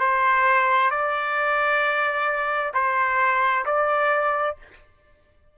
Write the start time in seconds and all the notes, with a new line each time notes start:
0.00 C5
0.91 D5
2.74 C5
3.66 D5